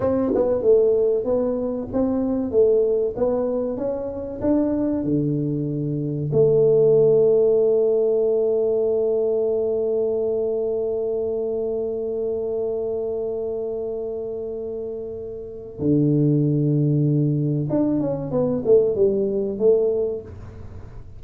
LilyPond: \new Staff \with { instrumentName = "tuba" } { \time 4/4 \tempo 4 = 95 c'8 b8 a4 b4 c'4 | a4 b4 cis'4 d'4 | d2 a2~ | a1~ |
a1~ | a1~ | a4 d2. | d'8 cis'8 b8 a8 g4 a4 | }